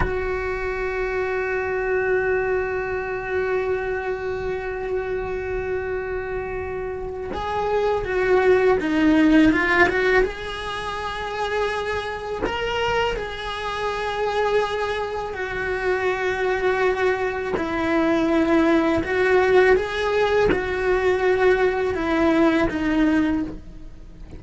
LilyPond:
\new Staff \with { instrumentName = "cello" } { \time 4/4 \tempo 4 = 82 fis'1~ | fis'1~ | fis'2 gis'4 fis'4 | dis'4 f'8 fis'8 gis'2~ |
gis'4 ais'4 gis'2~ | gis'4 fis'2. | e'2 fis'4 gis'4 | fis'2 e'4 dis'4 | }